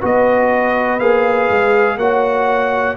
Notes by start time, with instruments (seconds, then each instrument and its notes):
0.00 tuba B3, trombone F#4, horn B4, trumpet D#5
0.99 tuba A#3, trombone G#4, trumpet F5
1.50 tuba G#3
1.96 tuba A#3, trombone F#4, horn C#5, trumpet F#5